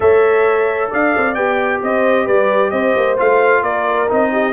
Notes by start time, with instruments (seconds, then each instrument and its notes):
0.00 tuba A3, trombone A4, horn C#5, trumpet E5
0.90 tuba D4, horn D5, trumpet F5
1.17 tuba C4
1.34 tuba B3, trombone G4, trumpet G5
1.82 tuba C4, horn C5, trumpet D#5
2.25 tuba G3, horn B4, trumpet D5
2.70 tuba C4, horn C5, trumpet D#5
2.96 tuba A#3
3.16 tuba A3, trombone F4, trumpet F5
3.62 tuba A#3, horn A#4, trumpet D5
4.08 tuba C4, trombone D#4, trumpet D#5
4.32 horn G4